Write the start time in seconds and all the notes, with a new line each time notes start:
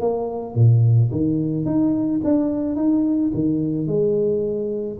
0.00 A#3
0.55 A#2
1.11 D#3
1.65 D#4
2.24 D4
2.76 D#4
3.34 D#3
3.87 G#3